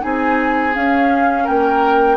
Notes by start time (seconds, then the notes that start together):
0.00 C4 D#4 G#4 G#5
0.75 C#4 F5
1.44 A#3 A#4 G5